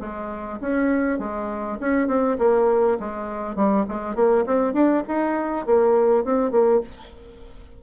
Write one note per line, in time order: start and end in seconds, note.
0.00 0.59 G#3
0.61 1.19 C#4
1.19 1.78 G#3
1.80 2.08 C#4
2.08 2.37 C4
2.38 2.98 A#3
3.00 3.55 G#3
3.55 3.85 G3
3.88 4.15 G#3
4.15 4.45 A#3
4.46 4.73 C4
4.73 5.03 D4
5.08 5.66 D#4
5.66 6.24 A#3
6.24 6.51 C4
6.51 6.81 A#3